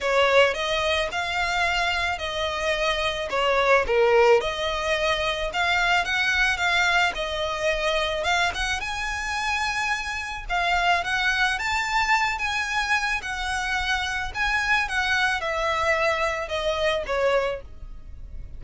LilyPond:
\new Staff \with { instrumentName = "violin" } { \time 4/4 \tempo 4 = 109 cis''4 dis''4 f''2 | dis''2 cis''4 ais'4 | dis''2 f''4 fis''4 | f''4 dis''2 f''8 fis''8 |
gis''2. f''4 | fis''4 a''4. gis''4. | fis''2 gis''4 fis''4 | e''2 dis''4 cis''4 | }